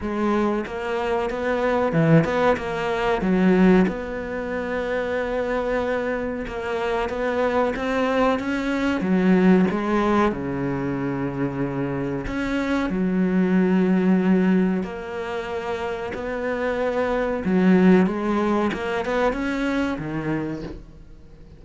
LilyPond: \new Staff \with { instrumentName = "cello" } { \time 4/4 \tempo 4 = 93 gis4 ais4 b4 e8 b8 | ais4 fis4 b2~ | b2 ais4 b4 | c'4 cis'4 fis4 gis4 |
cis2. cis'4 | fis2. ais4~ | ais4 b2 fis4 | gis4 ais8 b8 cis'4 dis4 | }